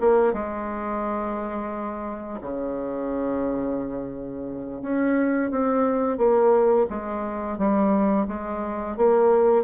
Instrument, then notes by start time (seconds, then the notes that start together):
bassoon
0.00 A#3
0.33 G#3
2.41 C#3
4.82 C#4
5.51 C4
6.17 A#3
6.90 G#3
7.58 G3
8.28 G#3
8.97 A#3